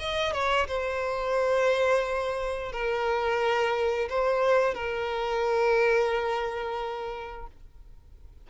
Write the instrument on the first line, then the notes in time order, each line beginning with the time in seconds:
violin
0.00 D#5
0.33 C#5
0.68 C5
2.73 A#4
4.10 C5
4.75 A#4